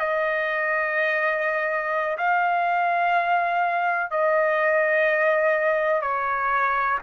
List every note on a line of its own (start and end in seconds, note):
0.00 2.18 D#5
2.18 4.11 F5
4.11 6.02 D#5
6.02 6.99 C#5